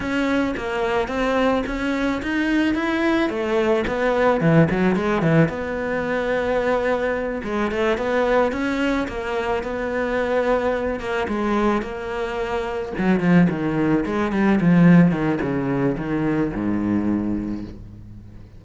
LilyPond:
\new Staff \with { instrumentName = "cello" } { \time 4/4 \tempo 4 = 109 cis'4 ais4 c'4 cis'4 | dis'4 e'4 a4 b4 | e8 fis8 gis8 e8 b2~ | b4. gis8 a8 b4 cis'8~ |
cis'8 ais4 b2~ b8 | ais8 gis4 ais2 fis8 | f8 dis4 gis8 g8 f4 dis8 | cis4 dis4 gis,2 | }